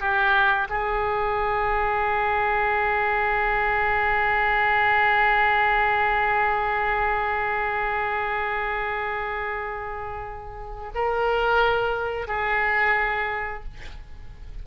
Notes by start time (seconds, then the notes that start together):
0.00 G4
0.70 G#4
10.95 A#4
12.28 G#4